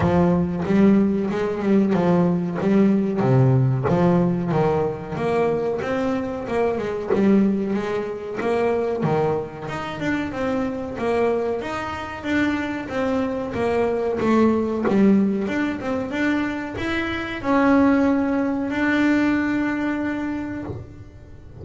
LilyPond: \new Staff \with { instrumentName = "double bass" } { \time 4/4 \tempo 4 = 93 f4 g4 gis8 g8 f4 | g4 c4 f4 dis4 | ais4 c'4 ais8 gis8 g4 | gis4 ais4 dis4 dis'8 d'8 |
c'4 ais4 dis'4 d'4 | c'4 ais4 a4 g4 | d'8 c'8 d'4 e'4 cis'4~ | cis'4 d'2. | }